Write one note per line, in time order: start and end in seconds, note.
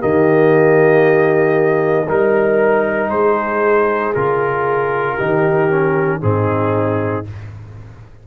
0.00 2.09 D#3
0.00 2.07 A#3
0.00 2.07 G4
0.00 2.09 D#5
2.08 3.11 G3
2.08 4.15 D#4
2.08 3.10 A#4
2.08 3.13 A#4
3.10 4.14 G#3
3.10 5.16 G#4
3.10 4.14 C5
4.15 5.19 C#3
4.15 5.19 F4
4.15 6.22 A#4
5.16 6.23 D#3
5.16 5.70 D#4
5.16 6.19 G4
5.70 6.21 C#4
6.21 7.27 G#2
6.21 7.25 C4
6.21 7.27 D#4
6.21 7.26 G#4